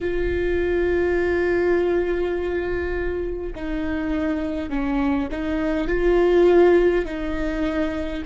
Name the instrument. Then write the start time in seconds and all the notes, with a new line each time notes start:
viola
0.00 F4
3.55 D#4
4.69 C#4
5.30 D#4
5.87 F4
7.05 D#4